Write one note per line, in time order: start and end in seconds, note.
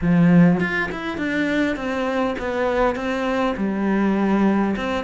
0.01 0.59 F3
0.59 0.89 F4
0.91 1.17 E4
1.17 1.76 D4
1.76 2.35 C4
2.38 2.95 B3
2.95 3.55 C4
3.56 4.75 G3
4.76 5.04 C4